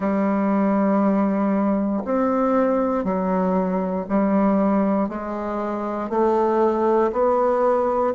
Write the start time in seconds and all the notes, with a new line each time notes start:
0.00 G3
2.04 C4
3.04 F#3
4.09 G3
5.08 G#3
6.09 A3
7.12 B3